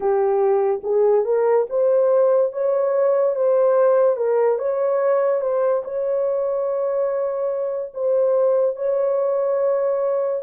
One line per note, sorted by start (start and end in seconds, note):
0.00 0.81 G4
0.83 1.24 G#4
1.24 1.66 A#4
1.69 2.52 C5
2.52 3.35 C#5
3.35 4.16 C5
4.16 4.58 A#4
4.58 5.41 C#5
5.41 5.83 C5
5.84 7.92 C#5
7.94 8.75 C5
8.75 10.42 C#5